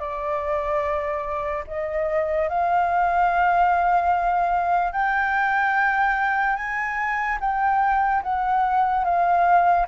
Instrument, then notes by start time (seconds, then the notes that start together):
flute
0.00 D5
1.68 D#5
2.49 F5
4.93 G5
6.56 G#5
7.41 G5
8.23 F#5
9.05 F5